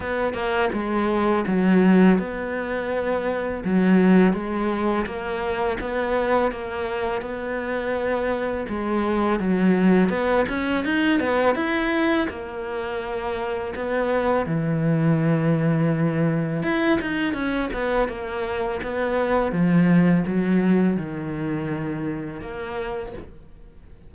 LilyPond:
\new Staff \with { instrumentName = "cello" } { \time 4/4 \tempo 4 = 83 b8 ais8 gis4 fis4 b4~ | b4 fis4 gis4 ais4 | b4 ais4 b2 | gis4 fis4 b8 cis'8 dis'8 b8 |
e'4 ais2 b4 | e2. e'8 dis'8 | cis'8 b8 ais4 b4 f4 | fis4 dis2 ais4 | }